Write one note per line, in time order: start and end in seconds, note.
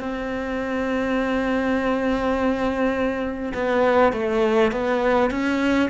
0.00 3.53 C4
3.54 4.13 B3
4.13 4.72 A3
4.72 5.31 B3
5.31 5.90 C#4